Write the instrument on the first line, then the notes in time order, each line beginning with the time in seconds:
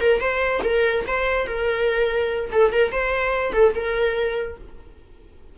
viola
0.00 A#4
0.20 C5
0.63 A#4
1.07 C5
1.47 A#4
2.52 A4
2.72 A#4
2.91 C5
3.52 A4
3.75 A#4